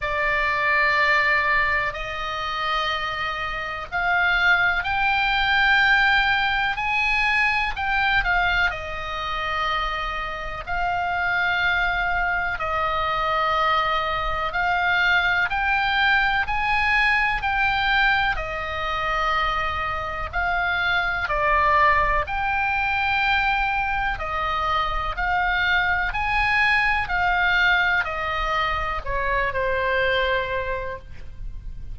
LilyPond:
\new Staff \with { instrumentName = "oboe" } { \time 4/4 \tempo 4 = 62 d''2 dis''2 | f''4 g''2 gis''4 | g''8 f''8 dis''2 f''4~ | f''4 dis''2 f''4 |
g''4 gis''4 g''4 dis''4~ | dis''4 f''4 d''4 g''4~ | g''4 dis''4 f''4 gis''4 | f''4 dis''4 cis''8 c''4. | }